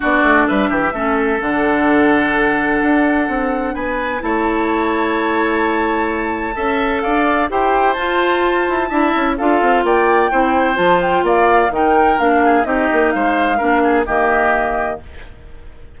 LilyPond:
<<
  \new Staff \with { instrumentName = "flute" } { \time 4/4 \tempo 4 = 128 d''4 e''2 fis''4~ | fis''1 | gis''4 a''2.~ | a''2. f''4 |
g''4 a''2. | f''4 g''2 a''8 g''8 | f''4 g''4 f''4 dis''4 | f''2 dis''2 | }
  \new Staff \with { instrumentName = "oboe" } { \time 4/4 fis'4 b'8 g'8 a'2~ | a'1 | b'4 cis''2.~ | cis''2 e''4 d''4 |
c''2. e''4 | a'4 d''4 c''2 | d''4 ais'4. gis'8 g'4 | c''4 ais'8 gis'8 g'2 | }
  \new Staff \with { instrumentName = "clarinet" } { \time 4/4 d'2 cis'4 d'4~ | d'1~ | d'4 e'2.~ | e'2 a'2 |
g'4 f'2 e'4 | f'2 e'4 f'4~ | f'4 dis'4 d'4 dis'4~ | dis'4 d'4 ais2 | }
  \new Staff \with { instrumentName = "bassoon" } { \time 4/4 b8 a8 g8 e8 a4 d4~ | d2 d'4 c'4 | b4 a2.~ | a2 cis'4 d'4 |
e'4 f'4. e'8 d'8 cis'8 | d'8 c'8 ais4 c'4 f4 | ais4 dis4 ais4 c'8 ais8 | gis4 ais4 dis2 | }
>>